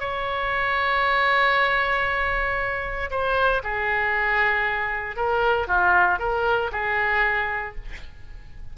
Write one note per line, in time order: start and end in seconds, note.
0.00 3.10 C#5
3.11 3.62 C5
3.63 5.16 G#4
5.16 5.67 A#4
5.67 6.19 F4
6.19 6.71 A#4
6.72 7.75 G#4